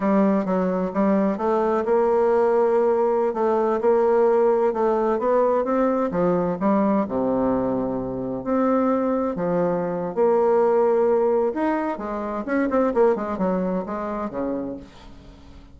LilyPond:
\new Staff \with { instrumentName = "bassoon" } { \time 4/4 \tempo 4 = 130 g4 fis4 g4 a4 | ais2.~ ais16 a8.~ | a16 ais2 a4 b8.~ | b16 c'4 f4 g4 c8.~ |
c2~ c16 c'4.~ c'16~ | c'16 f4.~ f16 ais2~ | ais4 dis'4 gis4 cis'8 c'8 | ais8 gis8 fis4 gis4 cis4 | }